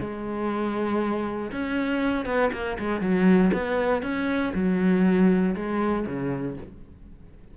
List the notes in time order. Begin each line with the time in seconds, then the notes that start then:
0.00 G#3
1.52 C#4
2.26 B3
2.53 A#3
2.79 G#3
3.01 F#3
3.53 B3
4.02 C#4
4.54 F#3
5.56 G#3
6.07 C#3